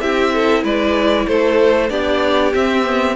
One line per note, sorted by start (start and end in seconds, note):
0.00 0.63 C4
0.00 1.89 E4
0.00 0.34 G4
0.00 0.63 E5
0.34 0.63 A4
0.63 1.26 G#3
0.63 1.26 B4
0.63 1.27 D5
1.27 1.90 A3
1.27 1.90 A4
1.27 1.90 C5
1.89 2.53 B3
1.89 2.52 D4
1.89 3.16 G4
1.89 2.53 D5
2.54 2.83 C4
2.54 3.16 C4
2.54 3.16 E5
2.83 3.15 B3